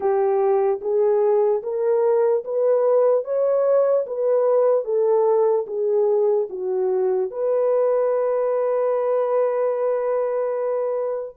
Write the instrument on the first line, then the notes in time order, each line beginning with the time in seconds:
horn
0.00 G4
0.81 G#4
1.63 A#4
2.44 B4
3.24 C#5
4.06 B4
4.84 A4
5.66 G#4
6.49 F#4
7.30 B4